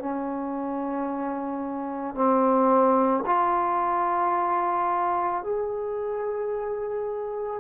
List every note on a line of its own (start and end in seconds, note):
0.00 2.15 C#4
2.15 3.24 C4
3.26 5.44 F4
5.44 7.60 G#4